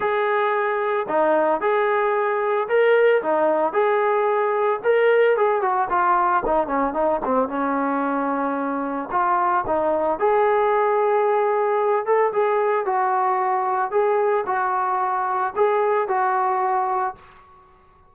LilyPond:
\new Staff \with { instrumentName = "trombone" } { \time 4/4 \tempo 4 = 112 gis'2 dis'4 gis'4~ | gis'4 ais'4 dis'4 gis'4~ | gis'4 ais'4 gis'8 fis'8 f'4 | dis'8 cis'8 dis'8 c'8 cis'2~ |
cis'4 f'4 dis'4 gis'4~ | gis'2~ gis'8 a'8 gis'4 | fis'2 gis'4 fis'4~ | fis'4 gis'4 fis'2 | }